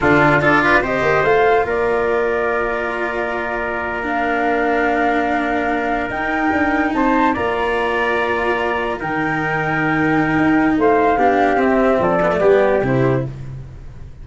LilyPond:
<<
  \new Staff \with { instrumentName = "flute" } { \time 4/4 \tempo 4 = 145 a'4 d''4 dis''4 f''4 | d''1~ | d''4.~ d''16 f''2~ f''16~ | f''2~ f''8. g''4~ g''16~ |
g''8. a''4 ais''2~ ais''16~ | ais''4.~ ais''16 g''2~ g''16~ | g''2 f''2 | e''4 d''2 c''4 | }
  \new Staff \with { instrumentName = "trumpet" } { \time 4/4 f'4 a'8 b'8 c''2 | ais'1~ | ais'1~ | ais'1~ |
ais'8. c''4 d''2~ d''16~ | d''4.~ d''16 ais'2~ ais'16~ | ais'2 c''4 g'4~ | g'4 a'4 g'2 | }
  \new Staff \with { instrumentName = "cello" } { \time 4/4 d'4 f'4 g'4 f'4~ | f'1~ | f'4.~ f'16 d'2~ d'16~ | d'2~ d'8. dis'4~ dis'16~ |
dis'4.~ dis'16 f'2~ f'16~ | f'4.~ f'16 dis'2~ dis'16~ | dis'2. d'4 | c'4. b16 a16 b4 e'4 | }
  \new Staff \with { instrumentName = "tuba" } { \time 4/4 d4 d'4 c'8 ais8 a4 | ais1~ | ais1~ | ais2~ ais8. dis'4 d'16~ |
d'8. c'4 ais2~ ais16~ | ais4.~ ais16 dis2~ dis16~ | dis4 dis'4 a4 b4 | c'4 f4 g4 c4 | }
>>